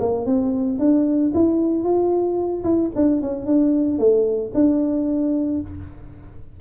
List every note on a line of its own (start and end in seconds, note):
0.00 0.27 A#3
0.27 0.80 C4
0.80 1.33 D4
1.35 1.84 E4
1.84 2.64 F4
2.64 2.91 E4
2.96 3.22 D4
3.22 3.46 C#4
3.46 3.99 D4
3.99 4.52 A3
4.55 5.61 D4